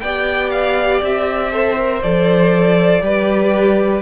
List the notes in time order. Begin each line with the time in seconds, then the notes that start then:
0.00 B3 G4 D5 G5
0.51 F5
1.02 C4 E5
1.51 A4 C5
1.78 A#4
2.02 F3 A4 D5
3.01 G3 G4 B4